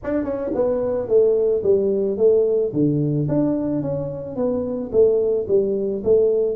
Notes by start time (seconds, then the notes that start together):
0.03 D4
0.23 C#4
0.54 B3
1.08 A3
1.63 G3
2.17 A3
2.73 D3
3.28 D4
3.82 C#4
4.36 B3
4.91 A3
5.48 G3
6.03 A3